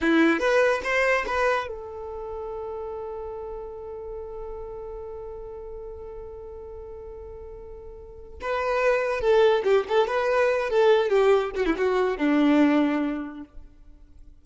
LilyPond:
\new Staff \with { instrumentName = "violin" } { \time 4/4 \tempo 4 = 143 e'4 b'4 c''4 b'4 | a'1~ | a'1~ | a'1~ |
a'1 | b'2 a'4 g'8 a'8 | b'4. a'4 g'4 fis'16 e'16 | fis'4 d'2. | }